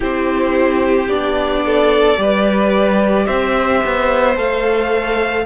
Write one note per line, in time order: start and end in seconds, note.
0.00 1.07 C4
0.00 1.09 E4
0.00 1.63 G4
0.00 1.08 C5
1.07 2.16 B3
1.07 2.15 D4
1.07 3.26 D5
1.65 2.20 A4
2.15 3.27 G3
2.15 4.34 G4
2.15 3.25 B4
3.25 3.83 C4
3.25 5.43 C5
3.25 4.35 E5
3.84 4.36 B3
4.36 5.45 A3
4.36 5.45 A4
4.36 5.46 F5